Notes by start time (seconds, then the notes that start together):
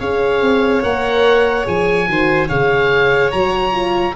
0.00 C#4 G#4 C#5 F5
0.42 C4
0.83 A#3 A#4 F#5
1.65 F3 G#4 G#5
2.07 D#3 F#4 C5
2.48 C#3 G#4 C#5 F5
3.32 F#3 F#4 A#5
3.72 F4